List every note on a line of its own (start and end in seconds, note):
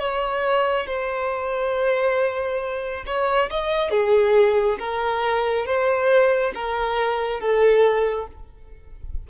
0.00 0.87 C#5
0.87 3.04 C5
3.06 3.50 C#5
3.50 3.91 D#5
3.91 4.78 G#4
4.79 5.66 A#4
5.66 6.53 C5
6.55 7.40 A#4
7.40 8.27 A4